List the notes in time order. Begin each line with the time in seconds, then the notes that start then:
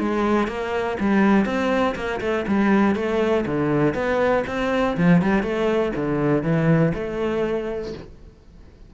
0.00 G#3
0.48 A#3
1.00 G3
1.46 C4
1.96 A#3
2.21 A3
2.48 G3
2.96 A3
3.46 D3
3.95 B3
4.47 C4
4.98 F3
5.22 G3
5.43 A3
5.96 D3
6.43 E3
6.95 A3